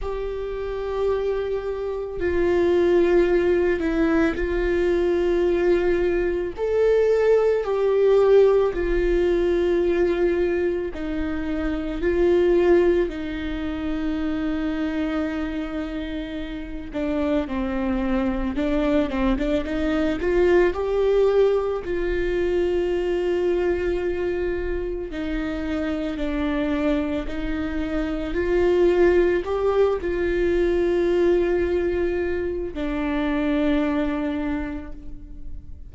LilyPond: \new Staff \with { instrumentName = "viola" } { \time 4/4 \tempo 4 = 55 g'2 f'4. e'8 | f'2 a'4 g'4 | f'2 dis'4 f'4 | dis'2.~ dis'8 d'8 |
c'4 d'8 c'16 d'16 dis'8 f'8 g'4 | f'2. dis'4 | d'4 dis'4 f'4 g'8 f'8~ | f'2 d'2 | }